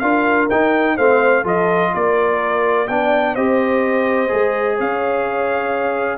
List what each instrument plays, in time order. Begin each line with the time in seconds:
0.00 tuba D4, trombone F4, horn A#4, trumpet F5
0.50 tuba D#4, trombone D#4, trumpet G5
0.96 tuba A3, trombone C4, horn C5, trumpet F5
1.43 tuba F3, trombone F4, horn A4, trumpet D#5
1.95 tuba A#3, horn A#4, trumpet D5
2.88 tuba B3, trombone D4, horn D5, trumpet G5
3.34 tuba C4, trombone G4, horn C5, trumpet D#5
4.29 tuba G#3, trombone G#4
4.77 tuba C#4, horn C#5, trumpet F5